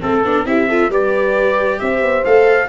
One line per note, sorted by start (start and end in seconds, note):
0.00 0.24 A3
0.00 0.22 C4
0.00 0.45 A4
0.00 0.46 A4
0.24 0.45 B3
0.24 0.46 D4
0.45 0.89 C4
0.45 0.68 E4
0.45 0.69 G4
0.45 0.91 E5
0.69 0.91 F4
0.69 0.90 A4
0.89 1.78 G3
0.89 2.25 G4
0.89 1.80 B4
0.89 1.79 D5
1.79 2.02 C4
1.79 2.68 C5
1.79 2.24 E5
2.02 2.24 B3
2.25 2.68 A3
2.25 2.68 A4
2.25 2.68 F5